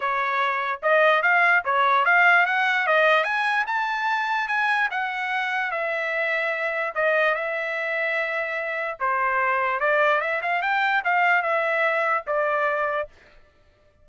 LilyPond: \new Staff \with { instrumentName = "trumpet" } { \time 4/4 \tempo 4 = 147 cis''2 dis''4 f''4 | cis''4 f''4 fis''4 dis''4 | gis''4 a''2 gis''4 | fis''2 e''2~ |
e''4 dis''4 e''2~ | e''2 c''2 | d''4 e''8 f''8 g''4 f''4 | e''2 d''2 | }